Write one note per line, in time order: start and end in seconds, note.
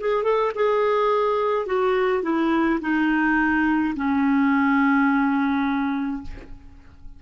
0.00 0.23 G#4
0.23 0.51 A4
0.55 1.66 G#4
1.66 2.23 F#4
2.23 2.79 E4
2.81 3.94 D#4
3.96 6.22 C#4